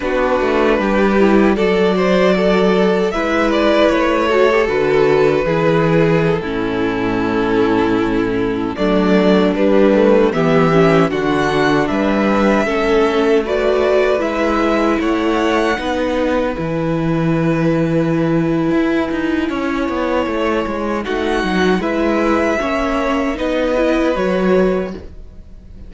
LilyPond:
<<
  \new Staff \with { instrumentName = "violin" } { \time 4/4 \tempo 4 = 77 b'2 d''2 | e''8 d''8 cis''4 b'2 | a'2.~ a'16 d''8.~ | d''16 b'4 e''4 fis''4 e''8.~ |
e''4~ e''16 d''4 e''4 fis''8.~ | fis''4~ fis''16 gis''2~ gis''8.~ | gis''2. fis''4 | e''2 dis''4 cis''4 | }
  \new Staff \with { instrumentName = "violin" } { \time 4/4 fis'4 g'4 a'8 c''8 a'4 | b'4. a'4. gis'4~ | gis'16 e'2. d'8.~ | d'4~ d'16 g'4 fis'4 b'8.~ |
b'16 a'4 b'2 cis''8.~ | cis''16 b'2.~ b'8.~ | b'4 cis''2 fis'4 | b'4 cis''4 b'2 | }
  \new Staff \with { instrumentName = "viola" } { \time 4/4 d'4. e'8 fis'2 | e'4. fis'16 g'16 fis'4 e'4~ | e'16 cis'2. a8.~ | a16 g8 a8 b8 cis'8 d'4.~ d'16~ |
d'16 cis'4 fis'4 e'4.~ e'16~ | e'16 dis'4 e'2~ e'8.~ | e'2. dis'4 | e'4 cis'4 dis'8 e'8 fis'4 | }
  \new Staff \with { instrumentName = "cello" } { \time 4/4 b8 a8 g4 fis2 | gis4 a4 d4 e4~ | e16 a,2. fis8.~ | fis16 g4 e4 d4 g8.~ |
g16 a2 gis4 a8.~ | a16 b4 e2~ e8. | e'8 dis'8 cis'8 b8 a8 gis8 a8 fis8 | gis4 ais4 b4 fis4 | }
>>